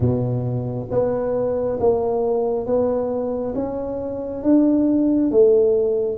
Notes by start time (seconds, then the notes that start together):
0.00 B2
0.91 B3
1.80 A#3
2.66 B3
3.55 C#4
4.43 D4
5.31 A3